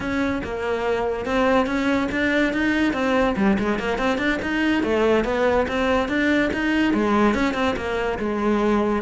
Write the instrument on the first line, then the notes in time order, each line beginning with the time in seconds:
cello
0.00 C#4
0.43 A#3
1.25 C4
1.66 C#4
2.11 D4
2.53 D#4
2.93 C4
3.36 G3
3.59 G#3
3.78 A#3
3.98 C4
4.17 D4
4.42 D#4
4.83 A3
5.24 B3
5.68 C4
6.08 D4
6.53 D#4
6.93 G#3
7.34 C#4
7.54 C4
7.76 A#3
8.18 G#3